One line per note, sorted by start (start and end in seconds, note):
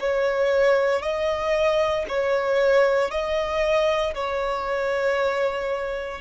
0.00 1.02 C#5
1.02 2.05 D#5
2.08 3.11 C#5
3.11 4.14 D#5
4.14 6.21 C#5